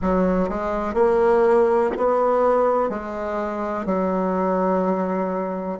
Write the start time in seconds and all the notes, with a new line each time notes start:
0.01 F#3
0.49 G#3
0.94 A#3
1.97 B3
2.89 G#3
3.85 F#3